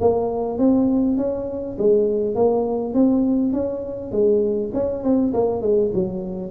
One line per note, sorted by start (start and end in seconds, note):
0.00 0.58 A#3
0.58 1.17 C4
1.17 1.76 C#4
1.78 2.35 G#3
2.35 2.94 A#3
2.94 3.52 C4
3.52 4.11 C#4
4.11 4.71 G#3
4.73 5.03 C#4
5.03 5.33 C4
5.33 5.61 A#3
5.61 5.91 G#3
5.94 6.51 F#3